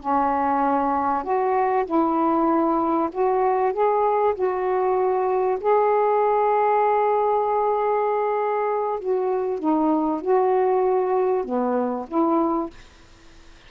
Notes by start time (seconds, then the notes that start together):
0.00 C#4
1.23 F#4
1.86 E4
3.12 F#4
3.73 G#4
4.35 F#4
5.60 G#4
9.00 F#4
9.59 D#4
10.21 F#4
11.44 B3
12.08 E4